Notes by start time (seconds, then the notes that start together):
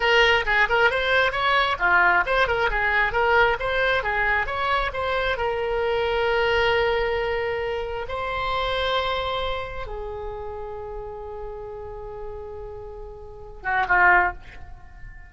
0.00 A#4
0.45 G#4
0.69 A#4
0.90 C5
1.32 C#5
1.79 F4
2.26 C5
2.47 A#4
2.70 G#4
3.12 A#4
3.59 C5
4.03 G#4
4.46 C#5
4.93 C5
5.37 A#4
8.08 C5
9.86 G#4
13.63 F#4
13.88 F4